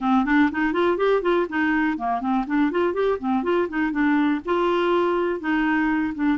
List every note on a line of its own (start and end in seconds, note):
0.00 0.25 C4
0.25 0.50 D4
0.51 0.72 D#4
0.72 0.97 F4
0.97 1.22 G4
1.22 1.46 F4
1.49 1.97 D#4
1.97 2.20 A#3
2.20 2.45 C4
2.46 2.71 D4
2.71 2.93 F4
2.93 3.18 G4
3.19 3.43 C4
3.43 3.68 F4
3.69 3.91 D#4
3.91 4.40 D4
4.45 5.40 F4
5.40 6.13 D#4
6.15 6.38 D4